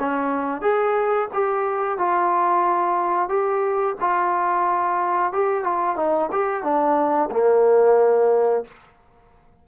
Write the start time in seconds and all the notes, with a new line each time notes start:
0.00 C#4
0.62 G#4
1.34 G4
1.99 F4
3.29 G4
4.01 F4
5.33 G4
5.64 F4
5.97 D#4
6.32 G4
6.64 D4
7.31 A#3